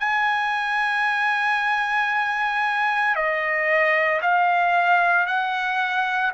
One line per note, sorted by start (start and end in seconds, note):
0.00 3.16 G#5
3.16 4.21 D#5
4.22 5.27 F5
5.27 6.32 F#5